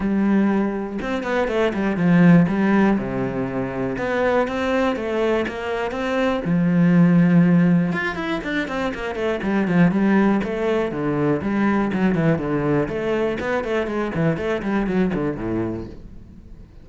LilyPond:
\new Staff \with { instrumentName = "cello" } { \time 4/4 \tempo 4 = 121 g2 c'8 b8 a8 g8 | f4 g4 c2 | b4 c'4 a4 ais4 | c'4 f2. |
f'8 e'8 d'8 c'8 ais8 a8 g8 f8 | g4 a4 d4 g4 | fis8 e8 d4 a4 b8 a8 | gis8 e8 a8 g8 fis8 d8 a,4 | }